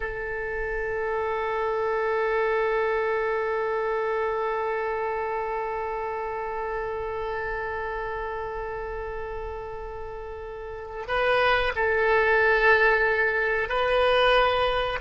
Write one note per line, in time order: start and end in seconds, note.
0.00 11.05 A4
11.07 11.72 B4
11.75 13.68 A4
13.68 14.99 B4